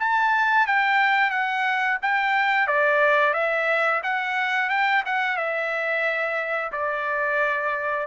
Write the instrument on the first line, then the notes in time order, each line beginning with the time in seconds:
trumpet
0.00 A5
0.67 G5
1.31 F#5
2.03 G5
2.68 D5
3.34 E5
4.04 F#5
4.70 G5
5.06 F#5
5.37 E5
6.73 D5